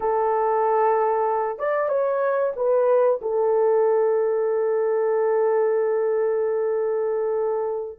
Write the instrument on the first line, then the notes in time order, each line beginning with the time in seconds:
horn
0.00 A4
1.58 D5
1.89 C#5
2.56 B4
3.21 A4